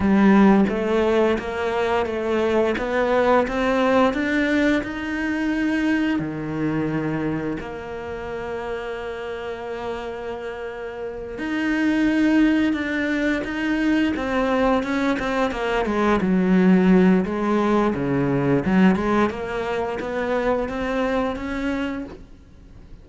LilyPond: \new Staff \with { instrumentName = "cello" } { \time 4/4 \tempo 4 = 87 g4 a4 ais4 a4 | b4 c'4 d'4 dis'4~ | dis'4 dis2 ais4~ | ais1~ |
ais8 dis'2 d'4 dis'8~ | dis'8 c'4 cis'8 c'8 ais8 gis8 fis8~ | fis4 gis4 cis4 fis8 gis8 | ais4 b4 c'4 cis'4 | }